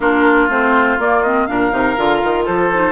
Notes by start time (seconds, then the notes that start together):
0.00 A#3 D4 F4 A#4
0.49 A3 C4 C5
0.98 A#3 D5
1.23 C4 D#5
1.46 A#2 D4 A#4 F5
1.71 C3 D#4
1.96 D3 F4
2.23 D#3
2.45 F3 A4 C5
2.73 D#4